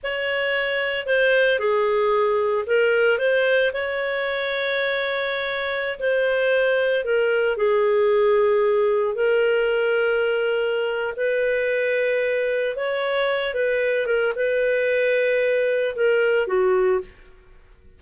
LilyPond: \new Staff \with { instrumentName = "clarinet" } { \time 4/4 \tempo 4 = 113 cis''2 c''4 gis'4~ | gis'4 ais'4 c''4 cis''4~ | cis''2.~ cis''16 c''8.~ | c''4~ c''16 ais'4 gis'4.~ gis'16~ |
gis'4~ gis'16 ais'2~ ais'8.~ | ais'4 b'2. | cis''4. b'4 ais'8 b'4~ | b'2 ais'4 fis'4 | }